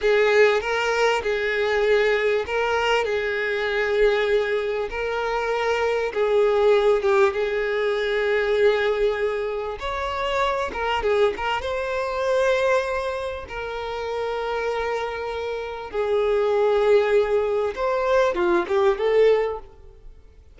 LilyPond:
\new Staff \with { instrumentName = "violin" } { \time 4/4 \tempo 4 = 98 gis'4 ais'4 gis'2 | ais'4 gis'2. | ais'2 gis'4. g'8 | gis'1 |
cis''4. ais'8 gis'8 ais'8 c''4~ | c''2 ais'2~ | ais'2 gis'2~ | gis'4 c''4 f'8 g'8 a'4 | }